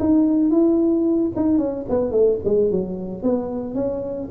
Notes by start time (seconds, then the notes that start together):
0.00 D#4
0.51 E4
1.36 D#4
1.58 C#4
1.89 B3
2.12 A3
2.45 G#3
2.71 F#3
3.23 B3
3.75 C#4